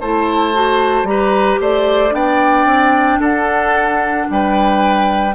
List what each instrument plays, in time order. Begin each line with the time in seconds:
0.00 bassoon A3, clarinet E4, oboe C5, flute A5
0.53 clarinet F#4
1.03 bassoon G3, clarinet G4, flute A#5
1.09 oboe B4
1.60 bassoon A3, oboe C5, flute D5
2.10 bassoon B3, clarinet D4, oboe D5, flute G5
2.65 bassoon C4
3.19 bassoon D4, oboe A4, flute F#5
4.29 bassoon G3, oboe B4, flute G5